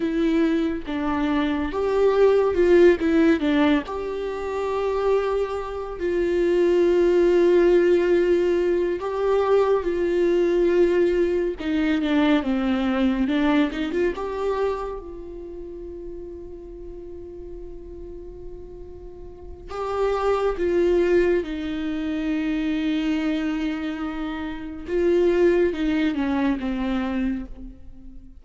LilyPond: \new Staff \with { instrumentName = "viola" } { \time 4/4 \tempo 4 = 70 e'4 d'4 g'4 f'8 e'8 | d'8 g'2~ g'8 f'4~ | f'2~ f'8 g'4 f'8~ | f'4. dis'8 d'8 c'4 d'8 |
dis'16 f'16 g'4 f'2~ f'8~ | f'2. g'4 | f'4 dis'2.~ | dis'4 f'4 dis'8 cis'8 c'4 | }